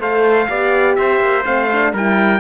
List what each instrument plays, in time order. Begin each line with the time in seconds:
0.00 cello A3, horn A4, trumpet C5 F5
0.49 cello B3, horn G4, trumpet D5
0.96 cello C4, trumpet C5 E5
1.21 cello A#3
1.44 cello A3, horn C4, trumpet F5
1.72 horn D4
1.93 cello G3, horn E4, trumpet A#4 G5